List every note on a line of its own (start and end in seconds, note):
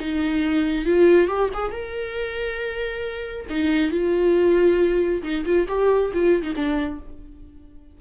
0.00 0.86 D#4
0.86 1.28 F4
1.28 1.50 G4
1.54 1.72 G#4
1.72 3.47 A#4
3.50 3.91 D#4
3.91 5.23 F4
5.23 5.45 D#4
5.46 5.68 F4
5.69 6.12 G4
6.14 6.43 F4
6.43 6.54 D#4
6.56 7.00 D4